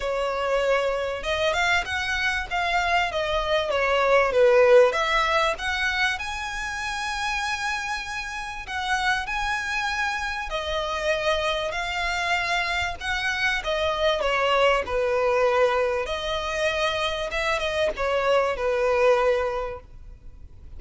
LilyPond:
\new Staff \with { instrumentName = "violin" } { \time 4/4 \tempo 4 = 97 cis''2 dis''8 f''8 fis''4 | f''4 dis''4 cis''4 b'4 | e''4 fis''4 gis''2~ | gis''2 fis''4 gis''4~ |
gis''4 dis''2 f''4~ | f''4 fis''4 dis''4 cis''4 | b'2 dis''2 | e''8 dis''8 cis''4 b'2 | }